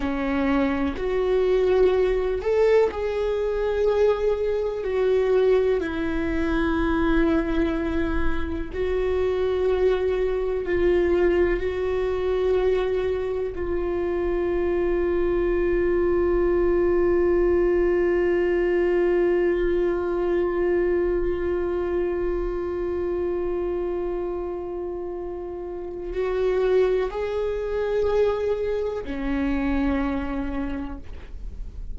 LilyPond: \new Staff \with { instrumentName = "viola" } { \time 4/4 \tempo 4 = 62 cis'4 fis'4. a'8 gis'4~ | gis'4 fis'4 e'2~ | e'4 fis'2 f'4 | fis'2 f'2~ |
f'1~ | f'1~ | f'2. fis'4 | gis'2 cis'2 | }